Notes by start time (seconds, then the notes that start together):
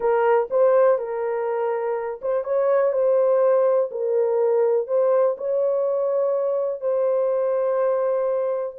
0.00 A#4
0.50 C5
0.98 A#4
2.21 C5
2.44 C#5
2.92 C5
3.91 A#4
4.87 C5
5.37 C#5
6.80 C5